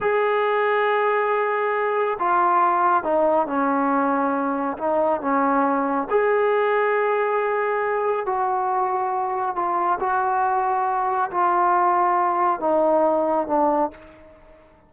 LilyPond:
\new Staff \with { instrumentName = "trombone" } { \time 4/4 \tempo 4 = 138 gis'1~ | gis'4 f'2 dis'4 | cis'2. dis'4 | cis'2 gis'2~ |
gis'2. fis'4~ | fis'2 f'4 fis'4~ | fis'2 f'2~ | f'4 dis'2 d'4 | }